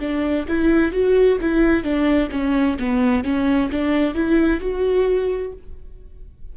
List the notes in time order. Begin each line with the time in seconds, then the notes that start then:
0.00 D4
0.48 E4
0.92 F#4
1.41 E4
1.83 D4
2.31 C#4
2.79 B3
3.24 C#4
3.71 D4
4.14 E4
4.60 F#4